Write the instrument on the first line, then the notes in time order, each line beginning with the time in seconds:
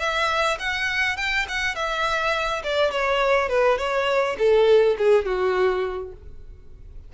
violin
0.00 E5
0.60 F#5
1.17 G5
1.49 F#5
1.76 E5
2.64 D5
2.92 C#5
3.49 B4
3.78 C#5
4.39 A4
4.99 G#4
5.26 F#4